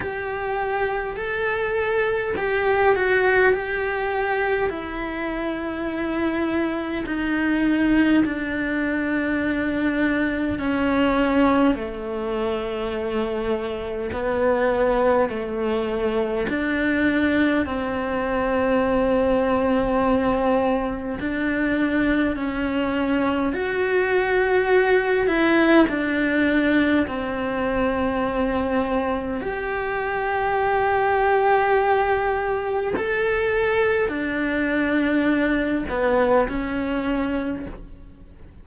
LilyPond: \new Staff \with { instrumentName = "cello" } { \time 4/4 \tempo 4 = 51 g'4 a'4 g'8 fis'8 g'4 | e'2 dis'4 d'4~ | d'4 cis'4 a2 | b4 a4 d'4 c'4~ |
c'2 d'4 cis'4 | fis'4. e'8 d'4 c'4~ | c'4 g'2. | a'4 d'4. b8 cis'4 | }